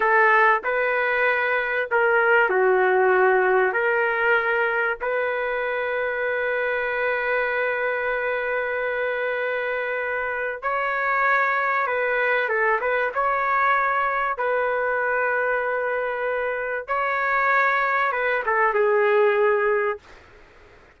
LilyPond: \new Staff \with { instrumentName = "trumpet" } { \time 4/4 \tempo 4 = 96 a'4 b'2 ais'4 | fis'2 ais'2 | b'1~ | b'1~ |
b'4 cis''2 b'4 | a'8 b'8 cis''2 b'4~ | b'2. cis''4~ | cis''4 b'8 a'8 gis'2 | }